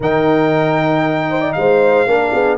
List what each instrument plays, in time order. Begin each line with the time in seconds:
0.00 tuba D#3, trombone D#4, horn A#4, trumpet G5
1.30 horn C5
1.40 horn D5
1.53 tuba G#3, horn C5, trumpet F5
2.06 tuba A#3, trombone D4, horn A#4
2.32 tuba B3, horn G#4